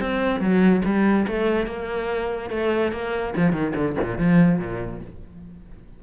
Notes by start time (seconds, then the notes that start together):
0.00 C4
0.40 F#3
0.84 G3
1.27 A3
1.66 A#3
2.50 A3
2.92 A#3
3.36 F3
3.52 D#3
3.75 D3
4.02 A#2
4.18 F3
4.59 A#2